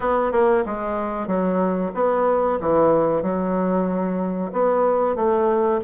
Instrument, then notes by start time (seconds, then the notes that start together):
bassoon
0.00 B3
0.31 A#3
0.65 G#3
1.27 F#3
1.94 B3
2.60 E3
3.22 F#3
4.52 B3
5.15 A3